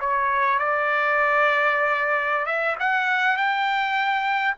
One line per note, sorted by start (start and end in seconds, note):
0.00 0.59 C#5
0.59 2.46 D5
2.46 2.75 E5
2.79 3.36 F#5
3.36 4.54 G5